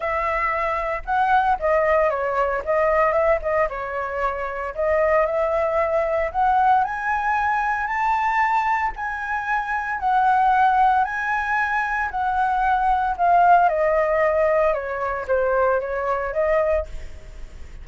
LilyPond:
\new Staff \with { instrumentName = "flute" } { \time 4/4 \tempo 4 = 114 e''2 fis''4 dis''4 | cis''4 dis''4 e''8 dis''8 cis''4~ | cis''4 dis''4 e''2 | fis''4 gis''2 a''4~ |
a''4 gis''2 fis''4~ | fis''4 gis''2 fis''4~ | fis''4 f''4 dis''2 | cis''4 c''4 cis''4 dis''4 | }